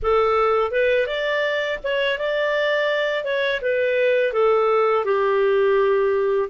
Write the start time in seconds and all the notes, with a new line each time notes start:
0.02 A4
0.71 B4
1.06 D5
1.83 C#5
2.18 D5
3.24 C#5
3.61 B4
4.32 A4
5.04 G4